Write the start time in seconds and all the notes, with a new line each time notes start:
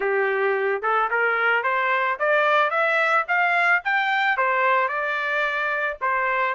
0.00 G4
0.82 A4
1.10 A#4
1.63 C5
2.19 D5
2.70 E5
3.28 F5
3.84 G5
4.37 C5
4.88 D5
6.01 C5